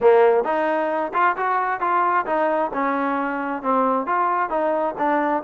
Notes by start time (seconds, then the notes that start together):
0.00 A#3
0.44 D#4
1.13 F4
1.36 F#4
1.80 F4
2.26 D#4
2.73 C#4
3.62 C4
4.06 F4
4.49 D#4
4.97 D4